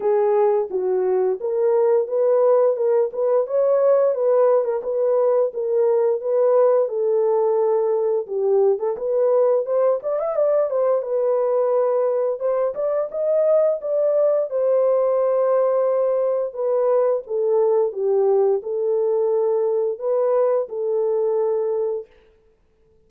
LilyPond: \new Staff \with { instrumentName = "horn" } { \time 4/4 \tempo 4 = 87 gis'4 fis'4 ais'4 b'4 | ais'8 b'8 cis''4 b'8. ais'16 b'4 | ais'4 b'4 a'2 | g'8. a'16 b'4 c''8 d''16 e''16 d''8 c''8 |
b'2 c''8 d''8 dis''4 | d''4 c''2. | b'4 a'4 g'4 a'4~ | a'4 b'4 a'2 | }